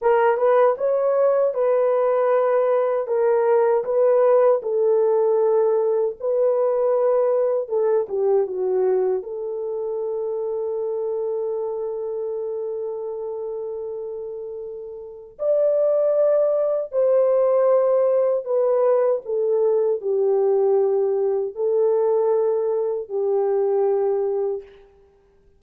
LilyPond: \new Staff \with { instrumentName = "horn" } { \time 4/4 \tempo 4 = 78 ais'8 b'8 cis''4 b'2 | ais'4 b'4 a'2 | b'2 a'8 g'8 fis'4 | a'1~ |
a'1 | d''2 c''2 | b'4 a'4 g'2 | a'2 g'2 | }